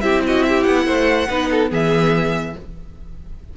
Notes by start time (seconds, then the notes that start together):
0.00 C4 E4 G4 E5
0.26 F#4 D#5
0.43 G4 E5
0.63 B3 F#5
0.86 A3 C5
1.28 B3 D#4 B4
1.50 A4
1.69 E3 B3 G#4 E5